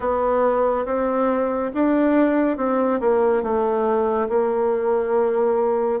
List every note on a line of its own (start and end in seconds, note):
0.00 0.85 B3
0.85 1.71 C4
1.74 2.57 D4
2.57 3.00 C4
3.00 3.42 A#3
3.42 4.28 A3
4.29 6.00 A#3